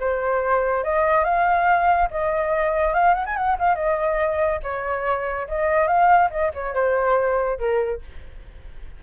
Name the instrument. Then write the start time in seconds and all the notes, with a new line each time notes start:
flute
0.00 C5
0.84 D#5
1.24 F5
2.10 D#5
2.94 F5
3.14 F#5
3.26 G#5
3.36 F#5
3.59 F5
3.75 D#5
4.63 C#5
5.48 D#5
5.88 F5
6.31 D#5
6.54 C#5
6.75 C5
7.59 A#4